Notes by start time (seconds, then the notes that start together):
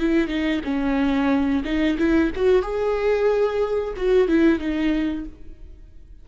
0.00 E4
0.28 D#4
0.64 C#4
1.65 D#4
1.99 E4
2.36 F#4
2.63 G#4
3.97 F#4
4.28 E4
4.59 D#4